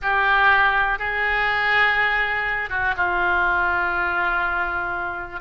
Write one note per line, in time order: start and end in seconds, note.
0.01 0.98 G4
0.98 2.69 G#4
2.69 2.94 F#4
2.96 5.40 F4